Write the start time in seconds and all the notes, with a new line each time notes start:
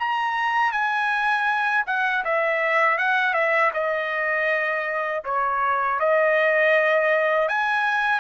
0.00 A#5
0.72 G#5
1.87 F#5
2.25 E5
2.99 F#5
3.34 E5
3.74 D#5
5.25 C#5
6.00 D#5
7.49 G#5